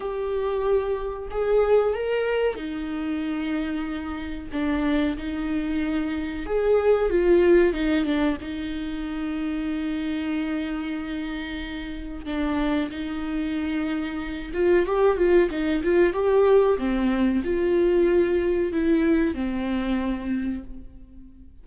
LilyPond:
\new Staff \with { instrumentName = "viola" } { \time 4/4 \tempo 4 = 93 g'2 gis'4 ais'4 | dis'2. d'4 | dis'2 gis'4 f'4 | dis'8 d'8 dis'2.~ |
dis'2. d'4 | dis'2~ dis'8 f'8 g'8 f'8 | dis'8 f'8 g'4 c'4 f'4~ | f'4 e'4 c'2 | }